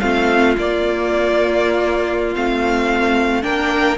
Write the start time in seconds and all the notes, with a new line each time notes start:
0.00 A3 C4 F4 F5
0.58 A#3 D5
2.35 A3 C4 F5
3.42 A#3 D4 A#4 G5